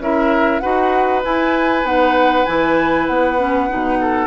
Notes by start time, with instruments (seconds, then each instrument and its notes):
0.00 bassoon C#4, clarinet E4, oboe A#4, flute E5
0.60 bassoon D#4, clarinet F#4, oboe B4, flute F#5
1.23 clarinet E4, bassoon E4, flute G#5
1.84 bassoon B3, clarinet D#4, flute F#5
2.46 bassoon E3, clarinet E4, flute G#5
3.07 bassoon B3, flute F#5
3.39 clarinet C#4
3.69 bassoon B2, clarinet D#4
4.01 oboe A4